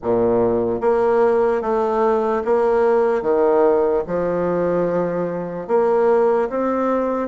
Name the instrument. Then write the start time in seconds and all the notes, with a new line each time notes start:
bassoon
0.03 A#2
0.81 A#3
1.61 A3
2.45 A#3
3.22 D#3
4.07 F3
5.67 A#3
6.49 C4